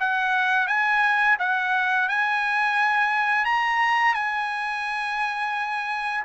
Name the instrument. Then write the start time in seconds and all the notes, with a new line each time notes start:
trumpet
0.00 F#5
0.67 G#5
1.39 F#5
2.09 G#5
3.45 A#5
4.14 G#5